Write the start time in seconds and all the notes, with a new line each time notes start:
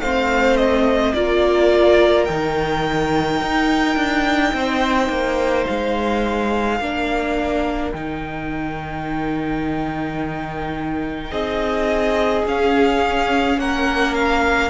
0.00 A3 C4 C5 F5
0.57 D#5
1.13 A#3 F4 A#4 D5
2.25 D#3 D#4 G5
3.41 D#4
3.96 D4
4.53 C4 C5
5.09 A#3
5.67 G#3 F5
6.79 A#3 D4 A#4
7.92 D#3 D#4 G5
11.31 C4 G#4 D#5
12.46 C#4 F5
13.58 A#3 A#4 F#5
14.14 F5